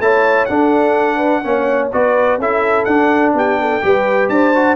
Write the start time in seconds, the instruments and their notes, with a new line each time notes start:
0.00 tuba A3, trombone E4, horn C#5, trumpet A5
0.46 trombone D4, tuba D4, horn A4, trumpet F#5
1.17 horn B4
1.44 tuba A#3, trombone C#4, horn C#5
1.93 tuba B3, trombone F#4, horn B4, trumpet D5
2.39 tuba C#4, trombone E4, horn A4, trumpet E5
2.85 tuba D4, trombone D4, trumpet F#5
3.34 tuba B3, horn G4, trumpet G5
3.62 horn A4
3.83 tuba G3, trombone G4, horn B4
4.29 tuba D4, horn C5, trumpet A5
4.55 trombone F#4